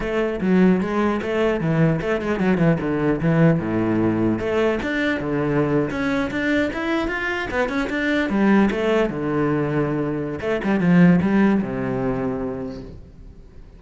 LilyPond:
\new Staff \with { instrumentName = "cello" } { \time 4/4 \tempo 4 = 150 a4 fis4 gis4 a4 | e4 a8 gis8 fis8 e8 d4 | e4 a,2 a4 | d'4 d4.~ d16 cis'4 d'16~ |
d'8. e'4 f'4 b8 cis'8 d'16~ | d'8. g4 a4 d4~ d16~ | d2 a8 g8 f4 | g4 c2. | }